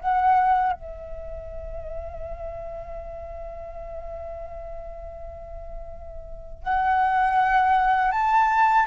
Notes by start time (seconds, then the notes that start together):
0.00 F#5
0.72 E5
6.63 F#5
8.11 A5